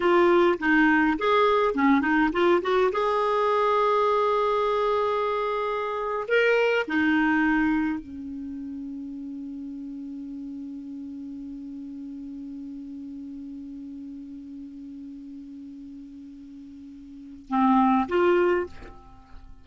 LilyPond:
\new Staff \with { instrumentName = "clarinet" } { \time 4/4 \tempo 4 = 103 f'4 dis'4 gis'4 cis'8 dis'8 | f'8 fis'8 gis'2.~ | gis'2~ gis'8. ais'4 dis'16~ | dis'4.~ dis'16 cis'2~ cis'16~ |
cis'1~ | cis'1~ | cis'1~ | cis'2 c'4 f'4 | }